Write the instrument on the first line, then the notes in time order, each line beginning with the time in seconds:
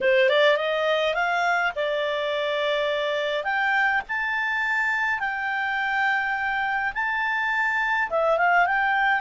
clarinet
0.00 C5
0.29 D5
0.56 D#5
1.14 F5
1.75 D5
3.44 G5
4.08 A5
5.19 G5
6.94 A5
8.10 E5
8.37 F5
8.66 G5